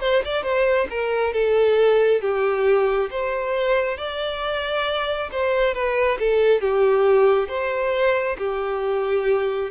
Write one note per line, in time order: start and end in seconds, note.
0.00 0.22 C5
0.24 0.43 D5
0.43 0.87 C5
0.89 1.33 A#4
1.33 2.21 A4
2.21 3.09 G4
3.10 3.97 C5
3.97 5.29 D5
5.31 5.74 C5
5.74 6.18 B4
6.19 6.61 A4
6.61 7.48 G4
7.48 8.36 C5
8.38 9.70 G4